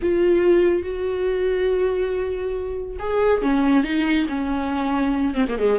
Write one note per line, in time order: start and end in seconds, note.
0.01 0.83 F4
0.83 2.97 F#4
2.99 3.42 G#4
3.42 3.83 C#4
3.83 4.26 D#4
4.28 5.34 C#4
5.34 5.45 C4
5.48 5.58 A#3
5.58 5.79 G#3